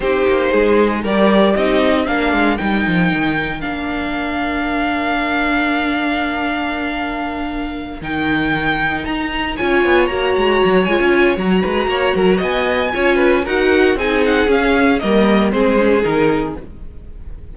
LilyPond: <<
  \new Staff \with { instrumentName = "violin" } { \time 4/4 \tempo 4 = 116 c''2 d''4 dis''4 | f''4 g''2 f''4~ | f''1~ | f''2.~ f''8 g''8~ |
g''4. ais''4 gis''4 ais''8~ | ais''4 gis''4 ais''2 | gis''2 fis''4 gis''8 fis''8 | f''4 dis''4 c''4 ais'4 | }
  \new Staff \with { instrumentName = "violin" } { \time 4/4 g'4 gis'4 ais'4 g'4 | ais'1~ | ais'1~ | ais'1~ |
ais'2~ ais'8 cis''4.~ | cis''2~ cis''8 b'8 cis''8 ais'8 | dis''4 cis''8 b'8 ais'4 gis'4~ | gis'4 ais'4 gis'2 | }
  \new Staff \with { instrumentName = "viola" } { \time 4/4 dis'2 g'4 dis'4 | d'4 dis'2 d'4~ | d'1~ | d'2.~ d'8 dis'8~ |
dis'2~ dis'8 f'4 fis'8~ | fis'4 f'4 fis'2~ | fis'4 f'4 fis'4 dis'4 | cis'4 ais4 c'8 cis'8 dis'4 | }
  \new Staff \with { instrumentName = "cello" } { \time 4/4 c'8 ais8 gis4 g4 c'4 | ais8 gis8 g8 f8 dis4 ais4~ | ais1~ | ais2.~ ais8 dis8~ |
dis4. dis'4 cis'8 b8 ais8 | gis8 fis8 gis16 cis'8. fis8 gis8 ais8 fis8 | b4 cis'4 dis'4 c'4 | cis'4 g4 gis4 dis4 | }
>>